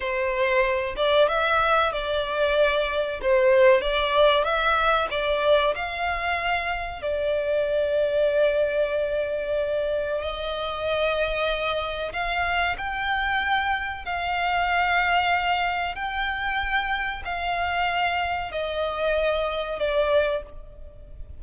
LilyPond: \new Staff \with { instrumentName = "violin" } { \time 4/4 \tempo 4 = 94 c''4. d''8 e''4 d''4~ | d''4 c''4 d''4 e''4 | d''4 f''2 d''4~ | d''1 |
dis''2. f''4 | g''2 f''2~ | f''4 g''2 f''4~ | f''4 dis''2 d''4 | }